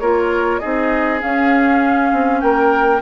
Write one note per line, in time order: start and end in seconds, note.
0.00 0.61 A#3
0.00 0.62 F4
0.00 0.60 A#4
0.00 0.59 C#5
0.59 1.23 C4
0.59 1.19 D#4
0.59 2.41 G#4
0.59 1.20 D#5
1.19 2.99 C#4
1.19 2.12 C#4
1.19 2.41 F5
2.12 2.43 C4
2.41 3.02 A#3
2.41 3.02 A#4
2.41 3.01 G5